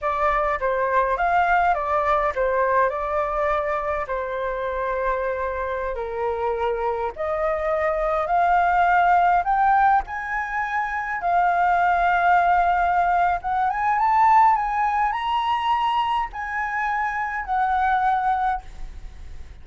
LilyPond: \new Staff \with { instrumentName = "flute" } { \time 4/4 \tempo 4 = 103 d''4 c''4 f''4 d''4 | c''4 d''2 c''4~ | c''2~ c''16 ais'4.~ ais'16~ | ais'16 dis''2 f''4.~ f''16~ |
f''16 g''4 gis''2 f''8.~ | f''2. fis''8 gis''8 | a''4 gis''4 ais''2 | gis''2 fis''2 | }